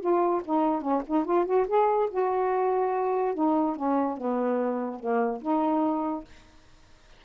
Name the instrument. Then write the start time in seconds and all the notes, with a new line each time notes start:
saxophone
0.00 F4
0.44 D#4
0.81 C#4
1.06 D#4
1.25 F4
1.45 F#4
1.67 G#4
2.10 F#4
3.34 D#4
3.76 C#4
4.17 B3
4.99 A#3
5.42 D#4